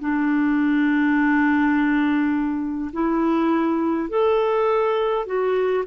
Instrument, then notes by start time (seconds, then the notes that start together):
clarinet
0.00 D4
2.93 E4
4.10 A4
5.26 F#4